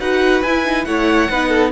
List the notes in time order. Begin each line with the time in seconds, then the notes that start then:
0.00 D#4 F#4 B4 F#5
0.43 E4 G#5
0.65 D#4
0.86 A3 E4 C#5 F#5
1.30 B3 D#4 B4
1.49 A4